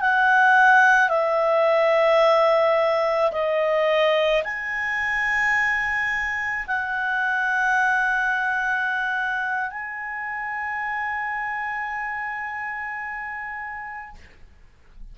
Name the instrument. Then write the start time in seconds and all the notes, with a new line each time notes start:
clarinet
0.00 F#5
1.09 E5
3.32 D#5
4.43 G#5
6.67 F#5
9.70 G#5